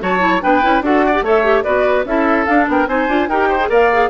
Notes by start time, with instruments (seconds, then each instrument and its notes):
0.00 bassoon F#3, clarinet F#4, oboe C#5, flute A5
0.20 clarinet E4
0.42 bassoon B3, clarinet D4, oboe B4, flute G5
0.62 bassoon C#4, clarinet E4
0.82 bassoon D4, clarinet F#4, oboe A4, flute F#5
1.06 oboe D5
1.14 clarinet G4
1.22 bassoon A3, clarinet A4, oboe C#5
1.28 flute E5
1.44 clarinet G4
1.64 bassoon B3, clarinet F#4, oboe B4, flute D5
2.05 bassoon C#4, clarinet E4, oboe A4, flute E5
2.46 clarinet D4, bassoon D4, flute F5
2.68 bassoon B3, oboe A#4, flute G5
2.88 bassoon C4, clarinet D#4, oboe C5, flute G#5
3.08 bassoon D4, clarinet F4
3.28 bassoon D#4, clarinet G4, oboe A#4, flute G5
3.49 oboe C5
3.60 clarinet G#4
3.69 bassoon A#3, clarinet A#4, oboe D5, flute F5
3.93 clarinet G#4